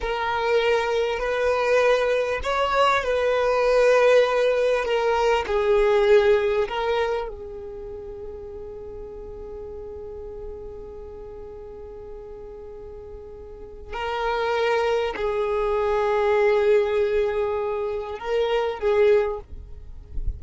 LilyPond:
\new Staff \with { instrumentName = "violin" } { \time 4/4 \tempo 4 = 99 ais'2 b'2 | cis''4 b'2. | ais'4 gis'2 ais'4 | gis'1~ |
gis'1~ | gis'2. ais'4~ | ais'4 gis'2.~ | gis'2 ais'4 gis'4 | }